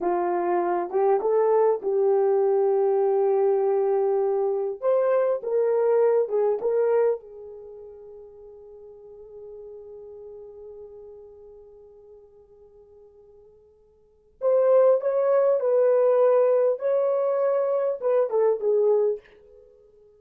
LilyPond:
\new Staff \with { instrumentName = "horn" } { \time 4/4 \tempo 4 = 100 f'4. g'8 a'4 g'4~ | g'1 | c''4 ais'4. gis'8 ais'4 | gis'1~ |
gis'1~ | gis'1 | c''4 cis''4 b'2 | cis''2 b'8 a'8 gis'4 | }